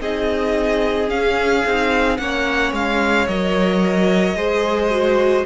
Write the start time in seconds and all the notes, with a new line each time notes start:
0.00 C4 D#4 G#4 D#5
1.08 C#4 F5
1.65 C4 D#4
2.17 A#3 C#4 C#5 F#5
2.72 G#3 F5
3.27 F#3 A#4 D#5
4.35 G#3 G#4 C5
4.90 F#4